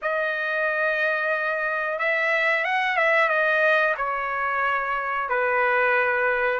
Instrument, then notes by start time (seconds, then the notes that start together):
trumpet
0.02 D#5
1.98 E5
2.64 F#5
2.97 E5
3.28 D#5
3.97 C#5
5.29 B4